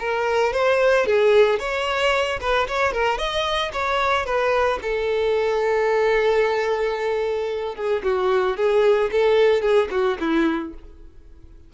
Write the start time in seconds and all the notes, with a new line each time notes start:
0.00 A#4
0.53 C5
1.07 G#4
1.59 C#5
2.41 B4
2.68 C#5
2.93 A#4
3.19 D#5
3.73 C#5
4.26 B4
4.82 A4
7.76 G#4
8.04 F#4
8.57 G#4
9.12 A4
9.62 G#4
9.91 F#4
10.21 E4